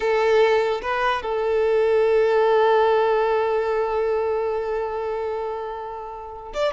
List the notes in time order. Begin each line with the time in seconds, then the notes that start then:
0.00 A4
0.82 B4
1.22 A4
6.53 D5